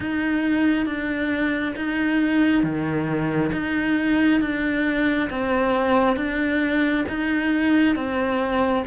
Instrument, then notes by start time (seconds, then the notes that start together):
cello
0.00 D#4
0.86 D4
1.76 D#4
2.63 D#3
3.52 D#4
4.40 D4
5.29 C4
6.16 D4
7.08 D#4
7.95 C4